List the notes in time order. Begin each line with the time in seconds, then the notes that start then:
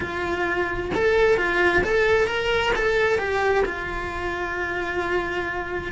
0.00 F4
0.94 A4
1.37 F4
1.83 A4
2.27 A#4
2.75 A4
3.18 G4
3.65 F4